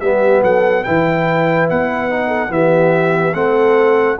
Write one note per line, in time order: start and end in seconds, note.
0.00 0.42 G3
0.00 0.85 B3
0.00 0.43 G4
0.00 0.42 E5
0.43 0.85 F#3
0.43 0.83 A4
0.43 0.84 F#5
0.83 1.70 E3
0.83 2.10 E4
0.83 2.27 B4
0.83 1.67 G5
1.70 2.50 B3
1.70 2.52 F#5
2.10 2.49 D#4
2.27 2.48 A4
2.49 3.33 E3
2.49 3.32 B3
2.49 3.35 G4
2.49 3.34 E5
3.34 4.17 A3
3.34 4.17 C4
3.34 4.19 A4
3.34 4.17 F#5